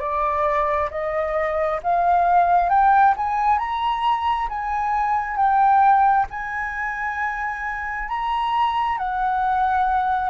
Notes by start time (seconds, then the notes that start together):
0.00 D5
0.91 D#5
1.83 F5
2.69 G5
3.17 G#5
3.59 A#5
4.49 G#5
5.37 G5
6.30 G#5
8.08 A#5
8.98 F#5